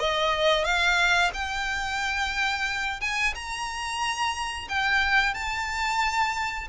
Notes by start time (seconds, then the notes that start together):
0.00 D#5
0.65 F5
1.34 G5
3.01 G#5
3.35 A#5
4.69 G5
5.35 A5